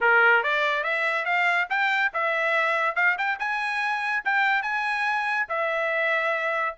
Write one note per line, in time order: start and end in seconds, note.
0.01 0.43 A#4
0.43 0.83 D5
0.83 1.25 E5
1.25 1.67 F5
1.69 2.12 G5
2.13 2.95 E5
2.95 3.16 F5
3.17 3.39 G5
3.39 4.23 G#5
4.24 4.62 G5
4.62 5.47 G#5
5.48 6.75 E5